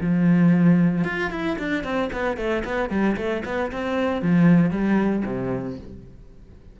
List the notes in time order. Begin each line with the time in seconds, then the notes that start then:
0.00 F3
1.04 F4
1.30 E4
1.58 D4
1.83 C4
2.12 B3
2.37 A3
2.64 B3
2.89 G3
3.16 A3
3.44 B3
3.71 C4
4.22 F3
4.70 G3
5.25 C3